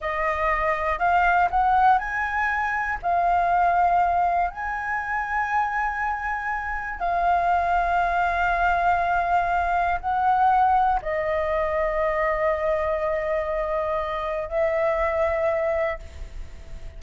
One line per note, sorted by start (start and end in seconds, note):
0.00 0.98 D#5
0.98 1.48 F5
1.50 1.98 F#5
1.98 2.98 G#5
3.02 4.50 F5
4.50 6.99 G#5
6.99 9.99 F5
10.00 11.00 F#5
11.02 14.48 D#5
14.48 15.98 E5